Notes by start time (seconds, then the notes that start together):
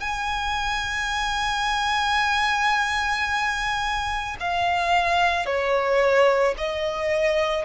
0.00 G#5
4.39 F5
5.45 C#5
6.57 D#5